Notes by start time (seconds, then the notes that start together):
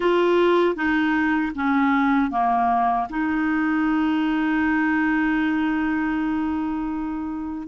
0.00 F4
0.75 D#4
1.55 C#4
2.30 A#3
3.09 D#4